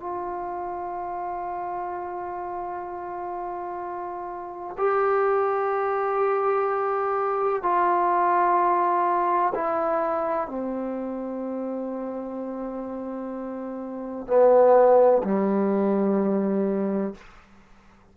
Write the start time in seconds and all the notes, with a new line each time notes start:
0.00 F4
4.78 G4
7.63 F4
9.55 E4
10.48 C4
14.27 B3
15.24 G3